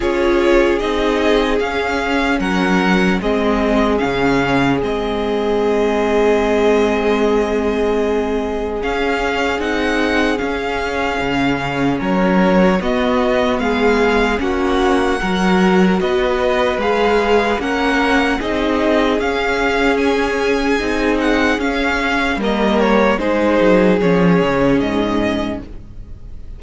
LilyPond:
<<
  \new Staff \with { instrumentName = "violin" } { \time 4/4 \tempo 4 = 75 cis''4 dis''4 f''4 fis''4 | dis''4 f''4 dis''2~ | dis''2. f''4 | fis''4 f''2 cis''4 |
dis''4 f''4 fis''2 | dis''4 f''4 fis''4 dis''4 | f''4 gis''4. fis''8 f''4 | dis''8 cis''8 c''4 cis''4 dis''4 | }
  \new Staff \with { instrumentName = "violin" } { \time 4/4 gis'2. ais'4 | gis'1~ | gis'1~ | gis'2. ais'4 |
fis'4 gis'4 fis'4 ais'4 | b'2 ais'4 gis'4~ | gis'1 | ais'4 gis'2. | }
  \new Staff \with { instrumentName = "viola" } { \time 4/4 f'4 dis'4 cis'2 | c'4 cis'4 c'2~ | c'2. cis'4 | dis'4 cis'2. |
b2 cis'4 fis'4~ | fis'4 gis'4 cis'4 dis'4 | cis'2 dis'4 cis'4 | ais4 dis'4 cis'2 | }
  \new Staff \with { instrumentName = "cello" } { \time 4/4 cis'4 c'4 cis'4 fis4 | gis4 cis4 gis2~ | gis2. cis'4 | c'4 cis'4 cis4 fis4 |
b4 gis4 ais4 fis4 | b4 gis4 ais4 c'4 | cis'2 c'4 cis'4 | g4 gis8 fis8 f8 cis8 gis,4 | }
>>